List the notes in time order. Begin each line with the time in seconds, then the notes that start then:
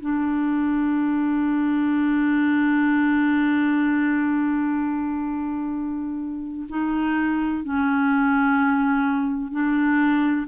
0.00 D4
6.69 D#4
7.64 C#4
9.52 D4